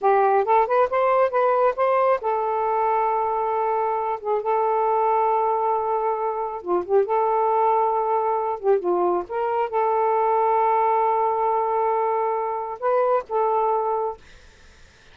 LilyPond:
\new Staff \with { instrumentName = "saxophone" } { \time 4/4 \tempo 4 = 136 g'4 a'8 b'8 c''4 b'4 | c''4 a'2.~ | a'4. gis'8 a'2~ | a'2. f'8 g'8 |
a'2.~ a'8 g'8 | f'4 ais'4 a'2~ | a'1~ | a'4 b'4 a'2 | }